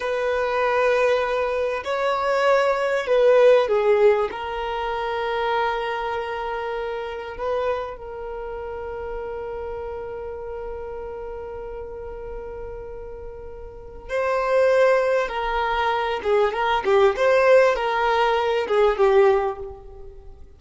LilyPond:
\new Staff \with { instrumentName = "violin" } { \time 4/4 \tempo 4 = 98 b'2. cis''4~ | cis''4 b'4 gis'4 ais'4~ | ais'1 | b'4 ais'2.~ |
ais'1~ | ais'2. c''4~ | c''4 ais'4. gis'8 ais'8 g'8 | c''4 ais'4. gis'8 g'4 | }